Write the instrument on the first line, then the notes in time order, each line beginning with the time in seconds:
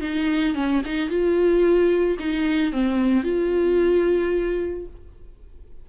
viola
0.00 D#4
0.54 C#4
0.85 D#4
1.09 F4
2.18 D#4
2.72 C4
3.23 F4